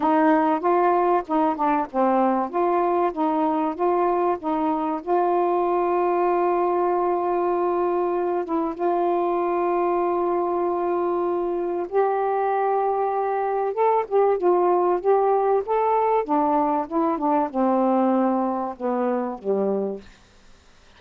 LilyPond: \new Staff \with { instrumentName = "saxophone" } { \time 4/4 \tempo 4 = 96 dis'4 f'4 dis'8 d'8 c'4 | f'4 dis'4 f'4 dis'4 | f'1~ | f'4. e'8 f'2~ |
f'2. g'4~ | g'2 a'8 g'8 f'4 | g'4 a'4 d'4 e'8 d'8 | c'2 b4 g4 | }